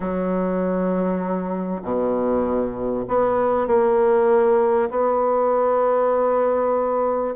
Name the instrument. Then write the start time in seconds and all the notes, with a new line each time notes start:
bassoon
0.00 F#3
1.82 B2
3.08 B3
3.67 A#3
4.90 B3